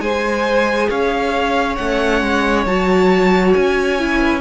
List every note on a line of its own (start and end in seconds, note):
0.00 0.88 G#3
0.00 1.76 G#4
0.00 0.89 C5
0.00 0.89 G#5
0.89 1.78 C#4
0.89 4.19 C#5
0.89 1.76 F5
1.76 2.22 A3
1.76 2.67 C#4
1.76 2.64 F#5
2.22 2.66 G#3
2.66 3.54 F#3
2.66 3.99 F#4
2.66 3.54 A5
3.54 4.40 C#4
3.54 4.40 G#5
3.99 4.40 E4
4.19 4.40 B4